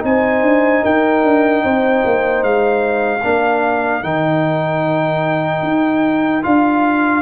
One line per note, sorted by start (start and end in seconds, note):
0.00 0.43 C4
0.00 3.20 D#4
0.00 0.85 G#5
0.07 0.84 C5
0.43 0.83 D4
0.84 1.24 D#4
0.84 1.64 A#4
0.84 2.44 G5
1.24 1.64 D4
1.64 2.04 C4
1.64 3.24 C5
2.05 2.43 A#3
2.43 3.23 G#3
2.43 4.03 F5
3.24 4.04 A#3
3.24 4.03 D4
3.24 7.22 A#4
4.03 5.63 D#3
4.03 6.43 D#4
4.03 6.43 G5
5.63 6.43 D#4
6.43 7.22 D4
6.43 7.22 F4
6.43 7.22 F5